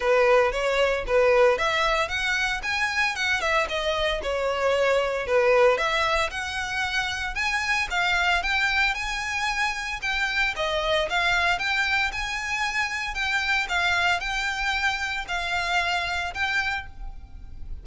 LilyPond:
\new Staff \with { instrumentName = "violin" } { \time 4/4 \tempo 4 = 114 b'4 cis''4 b'4 e''4 | fis''4 gis''4 fis''8 e''8 dis''4 | cis''2 b'4 e''4 | fis''2 gis''4 f''4 |
g''4 gis''2 g''4 | dis''4 f''4 g''4 gis''4~ | gis''4 g''4 f''4 g''4~ | g''4 f''2 g''4 | }